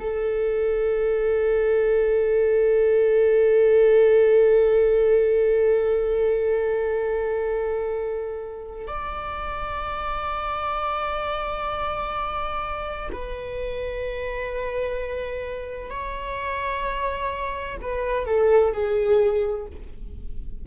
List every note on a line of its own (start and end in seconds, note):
0.00 8.88 A4
8.88 13.10 D5
13.12 15.91 B4
15.91 17.78 C#5
17.82 18.27 B4
18.27 18.73 A4
18.73 19.67 G#4